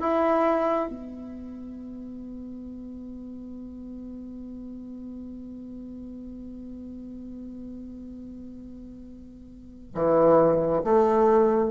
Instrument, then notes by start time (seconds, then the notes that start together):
bassoon
0.00 E4
0.89 B3
9.94 E3
10.84 A3